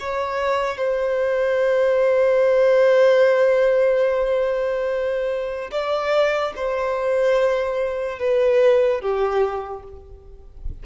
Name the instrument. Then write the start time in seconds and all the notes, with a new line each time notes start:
violin
0.00 C#5
0.77 C5
5.72 D5
6.56 C5
8.19 B4
9.01 G4